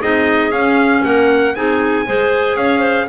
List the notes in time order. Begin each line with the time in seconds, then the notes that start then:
0.00 C4 D#4 G#4 D#5
0.51 C#4 F5
1.04 A#3 A#4 F#5
1.55 C4 D#4 G#4 G#5
2.06 G#3 G#4 C5
2.56 C#4 C#5 F5
2.80 C5